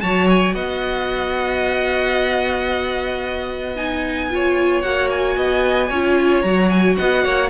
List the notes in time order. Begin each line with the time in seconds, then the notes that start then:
0.00 F#3 F#4 C#5 A5
0.29 G#5
0.54 B3 D#5 F#5
3.76 D#4 G#5
4.30 F4 C#5
4.81 A#3 F#4 F#5
5.10 G#5
5.36 B3 D#5
5.88 C#4 F4 C#5
6.41 F#3 F#4 A#5
6.69 G#5
6.96 B3 D#5 F#5
7.24 A#3 C#5